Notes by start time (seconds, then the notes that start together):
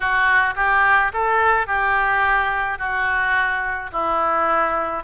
0.00 F#4
0.55 G4
1.13 A4
1.66 G4
2.78 F#4
3.92 E4